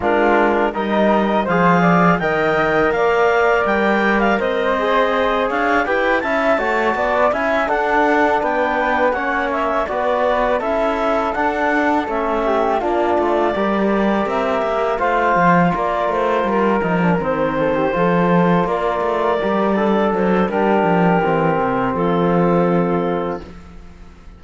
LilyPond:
<<
  \new Staff \with { instrumentName = "clarinet" } { \time 4/4 \tempo 4 = 82 ais'4 dis''4 f''4 g''4 | f''4 g''8. f''16 dis''4. f''8 | g''8 a''4. gis''8 fis''4 g''8~ | g''8 fis''8 e''8 d''4 e''4 fis''8~ |
fis''8 e''4 d''2 e''8~ | e''8 f''4 d''8 c''8 ais'4 c''8~ | c''4. d''2 c''8 | ais'2 a'2 | }
  \new Staff \with { instrumentName = "flute" } { \time 4/4 f'4 ais'4 c''8 d''8 dis''4 | d''2 c''4. cis''8 | b'8 e''8 cis''8 d''8 e''8 a'4 b'8~ | b'8 cis''4 b'4 a'4.~ |
a'4 g'8 f'4 ais'4.~ | ais'8 c''4 ais'2~ ais'8 | a'16 g'16 a'4 ais'4. d'4 | g'2 f'2 | }
  \new Staff \with { instrumentName = "trombone" } { \time 4/4 d'4 dis'4 gis'4 ais'4~ | ais'2~ ais'8 gis'4. | g'8 e'8 fis'4 e'8 d'4.~ | d'8 cis'4 fis'4 e'4 d'8~ |
d'8 cis'4 d'4 g'4.~ | g'8 f'2~ f'8 dis'16 d'16 c'8~ | c'8 f'2 g'8 a'4 | d'4 c'2. | }
  \new Staff \with { instrumentName = "cello" } { \time 4/4 gis4 g4 f4 dis4 | ais4 g4 c'4. d'8 | e'8 cis'8 a8 b8 cis'8 d'4 b8~ | b8 ais4 b4 cis'4 d'8~ |
d'8 a4 ais8 a8 g4 c'8 | ais8 a8 f8 ais8 a8 g8 f8 dis8~ | dis8 f4 ais8 a8 g4 fis8 | g8 f8 e8 c8 f2 | }
>>